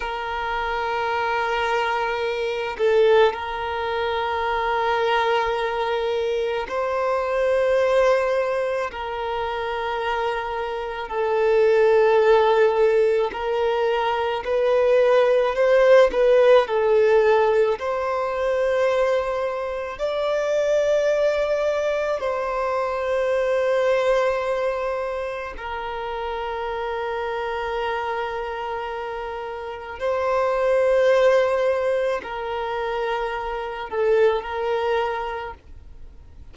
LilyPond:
\new Staff \with { instrumentName = "violin" } { \time 4/4 \tempo 4 = 54 ais'2~ ais'8 a'8 ais'4~ | ais'2 c''2 | ais'2 a'2 | ais'4 b'4 c''8 b'8 a'4 |
c''2 d''2 | c''2. ais'4~ | ais'2. c''4~ | c''4 ais'4. a'8 ais'4 | }